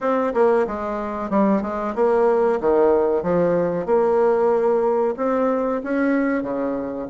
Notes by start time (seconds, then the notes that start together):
0.00 C4
0.34 A#3
0.67 G#3
1.30 G3
1.62 G#3
1.95 A#3
2.60 D#3
3.23 F3
3.85 A#3
5.16 C4
5.83 C#4
6.42 C#3